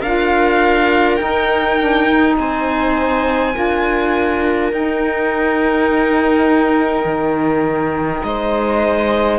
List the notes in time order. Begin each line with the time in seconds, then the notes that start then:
0.00 D4 F4 A#4 F5
1.16 D#4 G5
1.79 D4
2.08 D#4
2.37 C4 C5 G#5
3.53 D4 F4 A#4
4.73 D#4 G5
7.05 D#3
8.24 G#3 C5 D#5